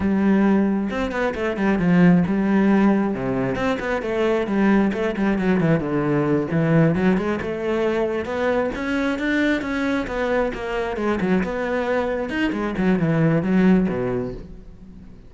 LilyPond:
\new Staff \with { instrumentName = "cello" } { \time 4/4 \tempo 4 = 134 g2 c'8 b8 a8 g8 | f4 g2 c4 | c'8 b8 a4 g4 a8 g8 | fis8 e8 d4. e4 fis8 |
gis8 a2 b4 cis'8~ | cis'8 d'4 cis'4 b4 ais8~ | ais8 gis8 fis8 b2 dis'8 | gis8 fis8 e4 fis4 b,4 | }